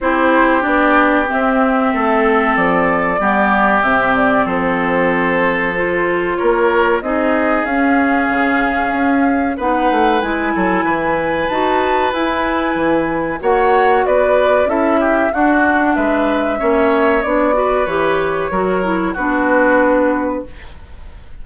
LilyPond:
<<
  \new Staff \with { instrumentName = "flute" } { \time 4/4 \tempo 4 = 94 c''4 d''4 e''2 | d''2 e''8 d''8 c''4~ | c''2 cis''4 dis''4 | f''2. fis''4 |
gis''2 a''4 gis''4~ | gis''4 fis''4 d''4 e''4 | fis''4 e''2 d''4 | cis''2 b'2 | }
  \new Staff \with { instrumentName = "oboe" } { \time 4/4 g'2. a'4~ | a'4 g'2 a'4~ | a'2 ais'4 gis'4~ | gis'2. b'4~ |
b'8 a'8 b'2.~ | b'4 cis''4 b'4 a'8 g'8 | fis'4 b'4 cis''4. b'8~ | b'4 ais'4 fis'2 | }
  \new Staff \with { instrumentName = "clarinet" } { \time 4/4 e'4 d'4 c'2~ | c'4 b4 c'2~ | c'4 f'2 dis'4 | cis'2. dis'4 |
e'2 fis'4 e'4~ | e'4 fis'2 e'4 | d'2 cis'4 d'8 fis'8 | g'4 fis'8 e'8 d'2 | }
  \new Staff \with { instrumentName = "bassoon" } { \time 4/4 c'4 b4 c'4 a4 | f4 g4 c4 f4~ | f2 ais4 c'4 | cis'4 cis4 cis'4 b8 a8 |
gis8 fis8 e4 dis'4 e'4 | e4 ais4 b4 cis'4 | d'4 gis4 ais4 b4 | e4 fis4 b2 | }
>>